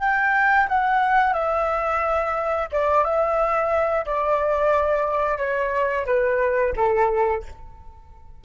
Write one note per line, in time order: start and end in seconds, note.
0.00 0.67 G5
0.69 1.34 F#5
1.34 2.68 E5
2.72 3.05 D5
3.05 4.06 E5
4.06 5.39 D5
5.39 6.06 C#5
6.06 6.74 B4
6.77 7.44 A4